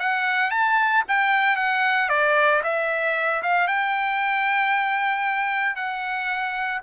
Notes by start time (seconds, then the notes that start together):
0.00 F#5
0.51 A5
1.09 G5
1.57 F#5
2.09 D5
2.64 E5
3.43 F5
3.68 G5
5.76 F#5